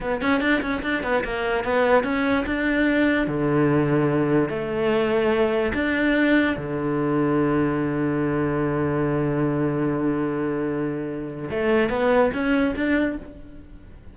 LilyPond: \new Staff \with { instrumentName = "cello" } { \time 4/4 \tempo 4 = 146 b8 cis'8 d'8 cis'8 d'8 b8 ais4 | b4 cis'4 d'2 | d2. a4~ | a2 d'2 |
d1~ | d1~ | d1 | a4 b4 cis'4 d'4 | }